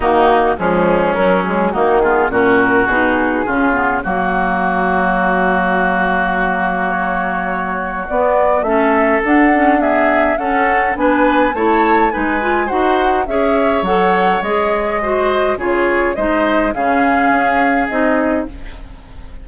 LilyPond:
<<
  \new Staff \with { instrumentName = "flute" } { \time 4/4 \tempo 4 = 104 fis'4 gis'4 ais'8 gis'8 fis'8 gis'8 | ais'4 gis'2 fis'4~ | fis'1 | cis''2 d''4 e''4 |
fis''4 e''4 fis''4 gis''4 | a''4 gis''4 fis''4 e''4 | fis''4 dis''2 cis''4 | dis''4 f''2 dis''4 | }
  \new Staff \with { instrumentName = "oboe" } { \time 4/4 dis'4 cis'2 dis'8 f'8 | fis'2 f'4 fis'4~ | fis'1~ | fis'2. a'4~ |
a'4 gis'4 a'4 b'4 | cis''4 b'4 c''4 cis''4~ | cis''2 c''4 gis'4 | c''4 gis'2. | }
  \new Staff \with { instrumentName = "clarinet" } { \time 4/4 ais4 gis4 fis8 gis8 ais8 b8 | cis'4 dis'4 cis'8 b8 ais4~ | ais1~ | ais2 b4 cis'4 |
d'8 cis'8 b4 cis'4 d'4 | e'4 dis'8 f'8 fis'4 gis'4 | a'4 gis'4 fis'4 f'4 | dis'4 cis'2 dis'4 | }
  \new Staff \with { instrumentName = "bassoon" } { \time 4/4 dis4 f4 fis4 dis4 | ais,4 b,4 cis4 fis4~ | fis1~ | fis2 b4 a4 |
d'2 cis'4 b4 | a4 gis4 dis'4 cis'4 | fis4 gis2 cis4 | gis4 cis4 cis'4 c'4 | }
>>